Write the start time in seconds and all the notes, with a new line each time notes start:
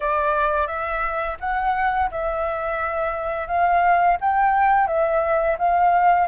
0.00 D5
0.67 E5
1.40 F#5
2.11 E5
3.47 F5
4.20 G5
4.87 E5
5.58 F5